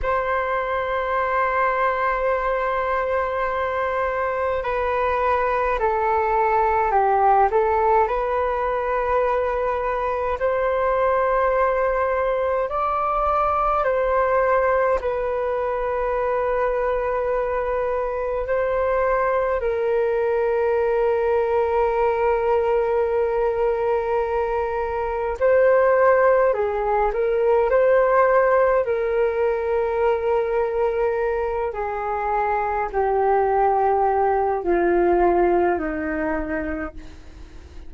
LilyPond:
\new Staff \with { instrumentName = "flute" } { \time 4/4 \tempo 4 = 52 c''1 | b'4 a'4 g'8 a'8 b'4~ | b'4 c''2 d''4 | c''4 b'2. |
c''4 ais'2.~ | ais'2 c''4 gis'8 ais'8 | c''4 ais'2~ ais'8 gis'8~ | gis'8 g'4. f'4 dis'4 | }